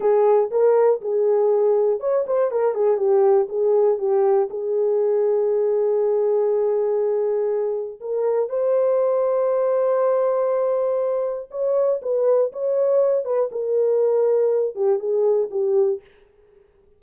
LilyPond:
\new Staff \with { instrumentName = "horn" } { \time 4/4 \tempo 4 = 120 gis'4 ais'4 gis'2 | cis''8 c''8 ais'8 gis'8 g'4 gis'4 | g'4 gis'2.~ | gis'1 |
ais'4 c''2.~ | c''2. cis''4 | b'4 cis''4. b'8 ais'4~ | ais'4. g'8 gis'4 g'4 | }